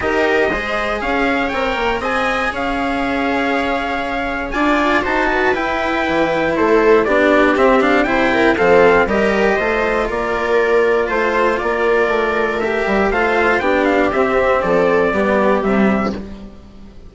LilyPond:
<<
  \new Staff \with { instrumentName = "trumpet" } { \time 4/4 \tempo 4 = 119 dis''2 f''4 g''4 | gis''4 f''2.~ | f''4 gis''4 a''4 g''4~ | g''4 c''4 d''4 e''8 f''8 |
g''4 f''4 dis''2 | d''2 c''4 d''4~ | d''4 e''4 f''4 g''8 f''8 | e''4 d''2 e''4 | }
  \new Staff \with { instrumentName = "viola" } { \time 4/4 ais'4 c''4 cis''2 | dis''4 cis''2.~ | cis''4 d''4 c''8 b'4.~ | b'4 a'4 g'2 |
c''8 ais'8 a'4 ais'4 c''4 | ais'2 c''4 ais'4~ | ais'2 c''4 g'4~ | g'4 a'4 g'2 | }
  \new Staff \with { instrumentName = "cello" } { \time 4/4 g'4 gis'2 ais'4 | gis'1~ | gis'4 f'4 fis'4 e'4~ | e'2 d'4 c'8 d'8 |
e'4 c'4 g'4 f'4~ | f'1~ | f'4 g'4 f'4 d'4 | c'2 b4 g4 | }
  \new Staff \with { instrumentName = "bassoon" } { \time 4/4 dis'4 gis4 cis'4 c'8 ais8 | c'4 cis'2.~ | cis'4 d'4 dis'4 e'4 | e4 a4 b4 c'4 |
c4 f4 g4 a4 | ais2 a4 ais4 | a4. g8 a4 b4 | c'4 f4 g4 c4 | }
>>